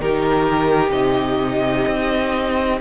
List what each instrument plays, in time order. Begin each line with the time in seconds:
0.00 cello D#3, viola D#4, violin G4 A#4
0.91 cello C3, violin D#5
1.87 cello C4